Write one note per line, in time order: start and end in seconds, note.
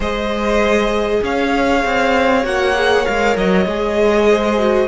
0.00 1.20 G#3
0.00 2.42 G#4
0.00 1.20 C5
0.00 1.23 D#5
1.23 1.84 C#4
1.23 4.29 C#5
1.23 2.45 F5
1.85 2.44 C4
2.42 3.06 A#3
2.42 2.73 F#4
2.42 3.05 F#5
2.74 3.05 G#4
3.05 3.36 G#3
3.05 3.66 A#4
3.05 3.36 F5
3.36 3.65 F#3
3.36 4.87 D#5
3.65 4.87 G#3
3.65 4.58 G#4
4.29 4.87 C5
4.58 4.87 F#4